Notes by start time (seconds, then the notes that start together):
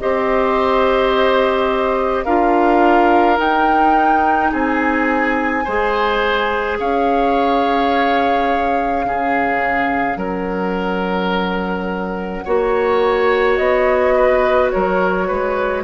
0.00 C4 G4 C5 D#5
2.25 D4 F4 A#4 F5
3.37 D#4 G5
4.52 C4 G#4 G#5
5.65 G#3 G#4 C5
6.79 C#4 C#5 F5
9.05 C#3 C#4 G#4
10.17 F#3 A#4 F#5
12.45 A#3 F#4 C#5
13.57 B3 D#5
14.15 B4
14.70 F#3 A#4 C#5
15.28 G#3 B4